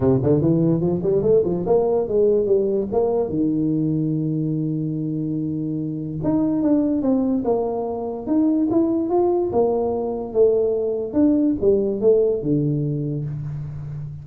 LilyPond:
\new Staff \with { instrumentName = "tuba" } { \time 4/4 \tempo 4 = 145 c8 d8 e4 f8 g8 a8 f8 | ais4 gis4 g4 ais4 | dis1~ | dis2. dis'4 |
d'4 c'4 ais2 | dis'4 e'4 f'4 ais4~ | ais4 a2 d'4 | g4 a4 d2 | }